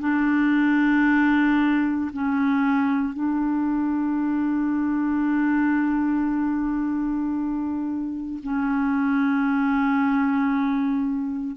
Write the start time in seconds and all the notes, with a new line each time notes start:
0.00 D4
2.13 C#4
3.13 D4
8.43 C#4